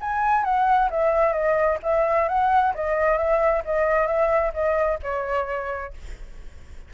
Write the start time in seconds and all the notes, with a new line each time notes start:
0.00 G#5
0.44 F#5
0.90 E5
1.32 D#5
1.83 E5
2.28 F#5
2.74 D#5
3.17 E5
3.64 D#5
4.07 E5
4.53 D#5
5.02 C#5